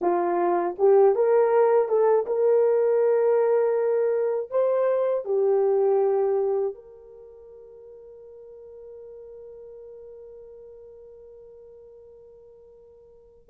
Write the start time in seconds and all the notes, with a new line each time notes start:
0.01 F4
0.78 G4
1.15 A#4
1.88 A4
2.26 A#4
4.50 C5
5.25 G4
6.74 A#4